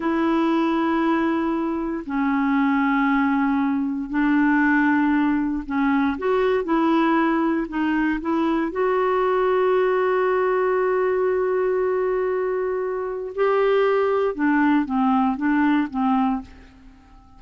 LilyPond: \new Staff \with { instrumentName = "clarinet" } { \time 4/4 \tempo 4 = 117 e'1 | cis'1 | d'2. cis'4 | fis'4 e'2 dis'4 |
e'4 fis'2.~ | fis'1~ | fis'2 g'2 | d'4 c'4 d'4 c'4 | }